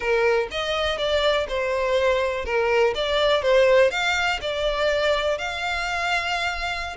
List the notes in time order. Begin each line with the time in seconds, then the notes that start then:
0.00 A#4
0.51 D#5
0.98 D5
1.48 C5
2.45 A#4
2.94 D5
3.42 C5
3.90 F5
4.41 D5
5.38 F5